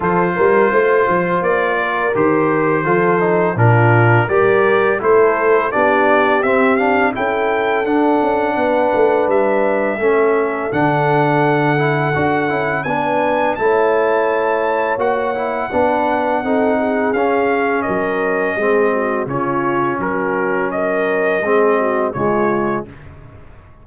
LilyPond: <<
  \new Staff \with { instrumentName = "trumpet" } { \time 4/4 \tempo 4 = 84 c''2 d''4 c''4~ | c''4 ais'4 d''4 c''4 | d''4 e''8 f''8 g''4 fis''4~ | fis''4 e''2 fis''4~ |
fis''2 gis''4 a''4~ | a''4 fis''2. | f''4 dis''2 cis''4 | ais'4 dis''2 cis''4 | }
  \new Staff \with { instrumentName = "horn" } { \time 4/4 a'8 ais'8 c''4. ais'4. | a'4 f'4 ais'4 a'4 | g'2 a'2 | b'2 a'2~ |
a'2 b'4 cis''4~ | cis''2 b'4 a'8 gis'8~ | gis'4 ais'4 gis'8 fis'8 f'4 | fis'4 ais'4 gis'8 fis'8 f'4 | }
  \new Staff \with { instrumentName = "trombone" } { \time 4/4 f'2. g'4 | f'8 dis'8 d'4 g'4 e'4 | d'4 c'8 d'8 e'4 d'4~ | d'2 cis'4 d'4~ |
d'8 e'8 fis'8 e'8 d'4 e'4~ | e'4 fis'8 e'8 d'4 dis'4 | cis'2 c'4 cis'4~ | cis'2 c'4 gis4 | }
  \new Staff \with { instrumentName = "tuba" } { \time 4/4 f8 g8 a8 f8 ais4 dis4 | f4 ais,4 g4 a4 | b4 c'4 cis'4 d'8 cis'8 | b8 a8 g4 a4 d4~ |
d4 d'8 cis'8 b4 a4~ | a4 ais4 b4 c'4 | cis'4 fis4 gis4 cis4 | fis2 gis4 cis4 | }
>>